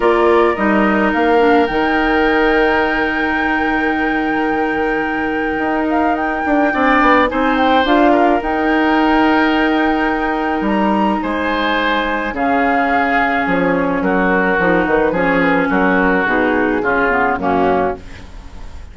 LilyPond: <<
  \new Staff \with { instrumentName = "flute" } { \time 4/4 \tempo 4 = 107 d''4 dis''4 f''4 g''4~ | g''1~ | g''2~ g''8 f''8 g''4~ | g''4 gis''8 g''8 f''4 g''4~ |
g''2. ais''4 | gis''2 f''2 | cis''4 ais'4. b'8 cis''8 b'8 | ais'4 gis'2 fis'4 | }
  \new Staff \with { instrumentName = "oboe" } { \time 4/4 ais'1~ | ais'1~ | ais'1 | d''4 c''4. ais'4.~ |
ais'1 | c''2 gis'2~ | gis'4 fis'2 gis'4 | fis'2 f'4 cis'4 | }
  \new Staff \with { instrumentName = "clarinet" } { \time 4/4 f'4 dis'4. d'8 dis'4~ | dis'1~ | dis'1 | d'4 dis'4 f'4 dis'4~ |
dis'1~ | dis'2 cis'2~ | cis'2 dis'4 cis'4~ | cis'4 dis'4 cis'8 b8 ais4 | }
  \new Staff \with { instrumentName = "bassoon" } { \time 4/4 ais4 g4 ais4 dis4~ | dis1~ | dis2 dis'4. d'8 | c'8 b8 c'4 d'4 dis'4~ |
dis'2. g4 | gis2 cis2 | f4 fis4 f8 dis8 f4 | fis4 b,4 cis4 fis,4 | }
>>